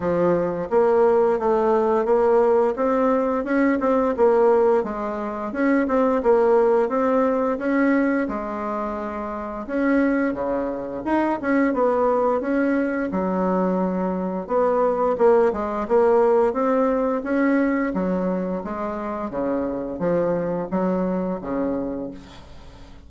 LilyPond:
\new Staff \with { instrumentName = "bassoon" } { \time 4/4 \tempo 4 = 87 f4 ais4 a4 ais4 | c'4 cis'8 c'8 ais4 gis4 | cis'8 c'8 ais4 c'4 cis'4 | gis2 cis'4 cis4 |
dis'8 cis'8 b4 cis'4 fis4~ | fis4 b4 ais8 gis8 ais4 | c'4 cis'4 fis4 gis4 | cis4 f4 fis4 cis4 | }